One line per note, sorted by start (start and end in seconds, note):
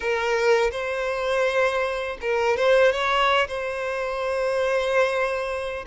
0.00 0.71 A#4
0.71 2.17 C5
2.21 2.56 A#4
2.56 2.92 C5
2.92 3.47 C#5
3.47 5.85 C5